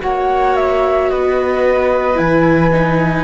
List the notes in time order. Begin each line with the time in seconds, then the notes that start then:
0.00 A#3 F#4 C#5 F#5
0.56 E5
1.10 B3 B4 D#5
2.15 E3 E4 G#5
2.72 D#4